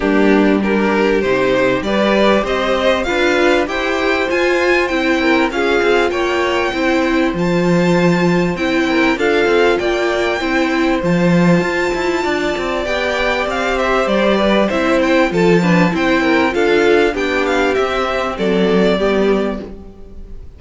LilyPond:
<<
  \new Staff \with { instrumentName = "violin" } { \time 4/4 \tempo 4 = 98 g'4 ais'4 c''4 d''4 | dis''4 f''4 g''4 gis''4 | g''4 f''4 g''2 | a''2 g''4 f''4 |
g''2 a''2~ | a''4 g''4 f''8 e''8 d''4 | e''8 g''8 a''4 g''4 f''4 | g''8 f''8 e''4 d''2 | }
  \new Staff \with { instrumentName = "violin" } { \time 4/4 d'4 g'2 b'4 | c''4 b'4 c''2~ | c''8 ais'8 gis'4 cis''4 c''4~ | c''2~ c''8 ais'8 a'4 |
d''4 c''2. | d''2~ d''8 c''4 b'8 | c''4 a'8 b'8 c''8 ais'8 a'4 | g'2 a'4 g'4 | }
  \new Staff \with { instrumentName = "viola" } { \time 4/4 ais4 d'4 dis'4 g'4~ | g'4 f'4 g'4 f'4 | e'4 f'2 e'4 | f'2 e'4 f'4~ |
f'4 e'4 f'2~ | f'4 g'2. | e'4 f'8 d'8 e'4 f'4 | d'4 c'2 b4 | }
  \new Staff \with { instrumentName = "cello" } { \time 4/4 g2 c4 g4 | c'4 d'4 e'4 f'4 | c'4 cis'8 c'8 ais4 c'4 | f2 c'4 d'8 c'8 |
ais4 c'4 f4 f'8 e'8 | d'8 c'8 b4 c'4 g4 | c'4 f4 c'4 d'4 | b4 c'4 fis4 g4 | }
>>